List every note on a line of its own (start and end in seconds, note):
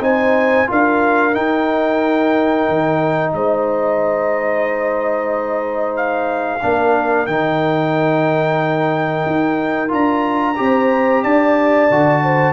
0.00 0.66 C4
0.00 0.67 D#4
0.00 0.69 C5
0.00 0.69 G#5
0.67 1.37 D4
0.67 1.33 F4
0.67 3.34 A#4
0.67 1.35 F5
1.33 6.60 D#4
1.33 2.68 D#4
1.33 3.33 G5
2.69 3.34 D#3
3.34 6.63 G#3
3.34 6.64 C5
3.34 5.97 D#5
5.97 7.26 F5
6.62 7.27 A#3
6.62 7.28 D4
6.62 10.60 A#4
7.26 9.25 D#3
7.26 9.89 D#4
7.26 9.90 G5
9.27 9.92 D#4
9.89 10.59 D4
9.89 10.55 F4
9.89 11.23 A#5
10.57 11.25 C4
10.57 11.88 G4
10.57 11.24 C5
11.23 11.91 D4
11.23 12.23 D5
11.23 12.54 A5
11.91 12.54 D3
11.91 12.54 F#4
12.23 12.54 C5